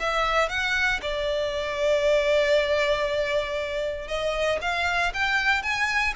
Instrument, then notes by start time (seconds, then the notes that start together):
violin
0.00 E5
0.49 F#5
1.02 D5
4.08 D#5
4.62 F5
5.14 G5
5.63 G#5